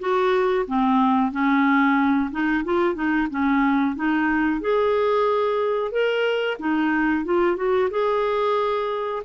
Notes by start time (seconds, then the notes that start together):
0.00 F#4
0.68 C4
1.32 C#4
2.31 D#4
2.65 F4
2.95 D#4
3.31 C#4
3.96 D#4
4.61 G#4
5.92 A#4
6.59 D#4
7.25 F4
7.57 F#4
7.91 G#4